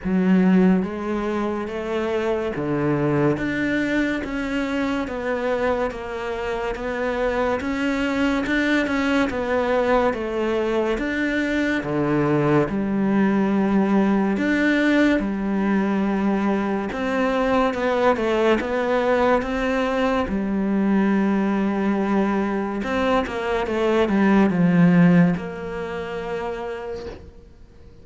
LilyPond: \new Staff \with { instrumentName = "cello" } { \time 4/4 \tempo 4 = 71 fis4 gis4 a4 d4 | d'4 cis'4 b4 ais4 | b4 cis'4 d'8 cis'8 b4 | a4 d'4 d4 g4~ |
g4 d'4 g2 | c'4 b8 a8 b4 c'4 | g2. c'8 ais8 | a8 g8 f4 ais2 | }